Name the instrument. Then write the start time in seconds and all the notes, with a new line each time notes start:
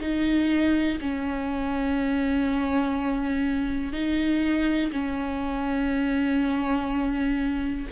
viola
0.00 D#4
1.01 C#4
3.92 D#4
4.92 C#4